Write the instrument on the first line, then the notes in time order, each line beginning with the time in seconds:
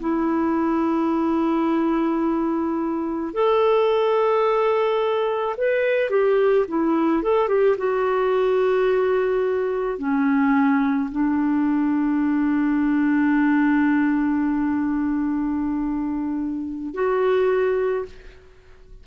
clarinet
0.00 E4
3.33 A4
5.57 B4
6.10 G4
6.68 E4
7.22 A4
7.48 G4
7.77 F#4
9.98 C#4
11.11 D4
16.93 F#4